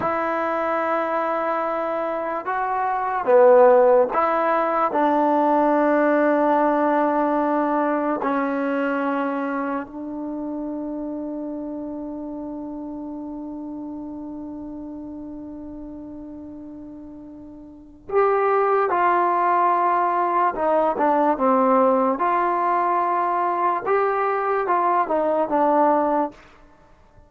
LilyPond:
\new Staff \with { instrumentName = "trombone" } { \time 4/4 \tempo 4 = 73 e'2. fis'4 | b4 e'4 d'2~ | d'2 cis'2 | d'1~ |
d'1~ | d'2 g'4 f'4~ | f'4 dis'8 d'8 c'4 f'4~ | f'4 g'4 f'8 dis'8 d'4 | }